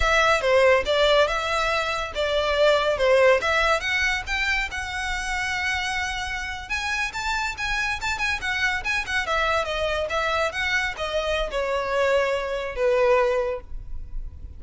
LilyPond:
\new Staff \with { instrumentName = "violin" } { \time 4/4 \tempo 4 = 141 e''4 c''4 d''4 e''4~ | e''4 d''2 c''4 | e''4 fis''4 g''4 fis''4~ | fis''2.~ fis''8. gis''16~ |
gis''8. a''4 gis''4 a''8 gis''8 fis''16~ | fis''8. gis''8 fis''8 e''4 dis''4 e''16~ | e''8. fis''4 dis''4~ dis''16 cis''4~ | cis''2 b'2 | }